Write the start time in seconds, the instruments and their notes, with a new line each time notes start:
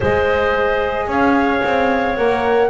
0.00 double bass G#3, horn G#4, clarinet C5, flute D#5
1.07 double bass C#4, clarinet C#5, flute F5
1.64 double bass C4
2.16 double bass A#3, horn A#4, flute F#5